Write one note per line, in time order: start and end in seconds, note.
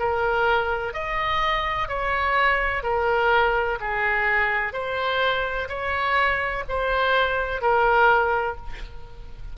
0.00 0.94 A#4
0.94 1.89 D#5
1.89 2.84 C#5
2.84 3.79 A#4
3.81 4.73 G#4
4.73 5.68 C5
5.69 6.64 C#5
6.69 7.62 C5
7.62 8.57 A#4